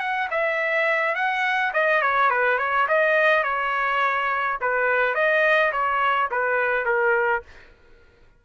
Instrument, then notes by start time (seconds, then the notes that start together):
trumpet
0.00 F#5
0.31 E5
1.15 F#5
1.74 D#5
2.02 C#5
2.31 B4
2.59 C#5
2.89 D#5
3.44 C#5
4.61 B4
5.15 D#5
5.73 C#5
6.32 B4
6.86 A#4